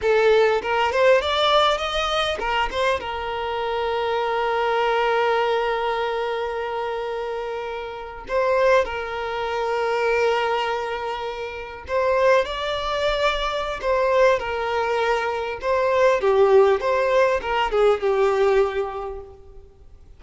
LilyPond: \new Staff \with { instrumentName = "violin" } { \time 4/4 \tempo 4 = 100 a'4 ais'8 c''8 d''4 dis''4 | ais'8 c''8 ais'2.~ | ais'1~ | ais'4.~ ais'16 c''4 ais'4~ ais'16~ |
ais'2.~ ais'8. c''16~ | c''8. d''2~ d''16 c''4 | ais'2 c''4 g'4 | c''4 ais'8 gis'8 g'2 | }